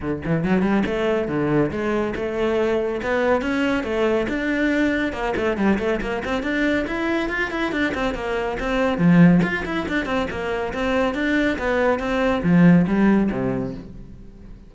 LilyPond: \new Staff \with { instrumentName = "cello" } { \time 4/4 \tempo 4 = 140 d8 e8 fis8 g8 a4 d4 | gis4 a2 b4 | cis'4 a4 d'2 | ais8 a8 g8 a8 ais8 c'8 d'4 |
e'4 f'8 e'8 d'8 c'8 ais4 | c'4 f4 f'8 e'8 d'8 c'8 | ais4 c'4 d'4 b4 | c'4 f4 g4 c4 | }